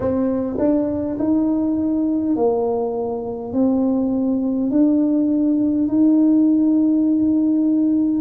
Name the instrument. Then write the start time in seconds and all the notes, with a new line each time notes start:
tuba
0.00 C4
0.59 D4
1.18 D#4
2.36 A#3
3.52 C4
4.70 D4
5.88 D#4